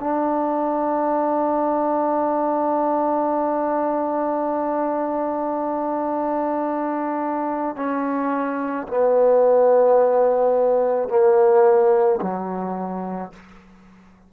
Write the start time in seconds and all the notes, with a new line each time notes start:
0.00 D4
7.76 C#4
8.87 B3
11.09 A#3
12.21 F#3